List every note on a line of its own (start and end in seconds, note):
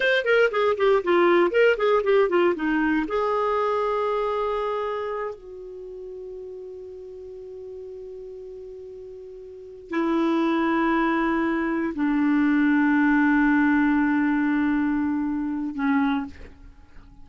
0.00 0.24 C5
0.24 0.50 A#4
0.51 0.76 G#4
0.77 1.02 G4
1.03 1.50 F4
1.50 1.76 A#4
1.77 2.02 G#4
2.03 2.29 G4
2.29 2.54 F4
2.55 3.06 D#4
3.07 5.34 G#4
5.34 9.90 F#4
9.90 11.93 E4
11.94 15.74 D4
15.74 16.25 C#4